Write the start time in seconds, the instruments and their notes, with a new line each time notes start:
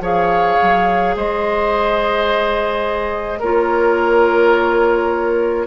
0.00 bassoon F3, clarinet G#4, oboe C#5, flute F5
0.62 bassoon F#3
1.16 bassoon G#3, oboe C5, flute D#5
3.39 bassoon A#3, clarinet F4, oboe A#4, flute C#5